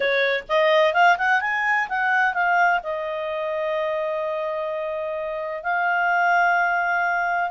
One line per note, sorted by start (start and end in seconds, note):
0.00 0.43 C#5
0.48 0.93 D#5
0.93 1.17 F5
1.18 1.41 F#5
1.41 1.87 G#5
1.88 2.33 F#5
2.33 2.80 F5
2.83 5.63 D#5
5.63 7.50 F5